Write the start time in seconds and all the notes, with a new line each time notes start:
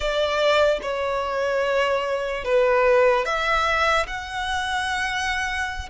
0.00 D5
0.82 C#5
2.44 B4
3.25 E5
4.06 F#5